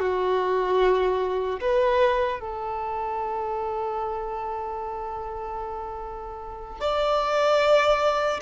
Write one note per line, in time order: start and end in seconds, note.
0.00 1.60 F#4
1.61 2.40 B4
2.40 6.80 A4
6.80 8.40 D5